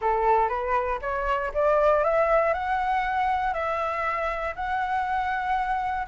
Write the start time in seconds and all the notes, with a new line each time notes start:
0.01 A4
0.48 B4
1.01 C#5
1.54 D5
2.04 E5
2.53 F#5
3.53 E5
4.55 F#5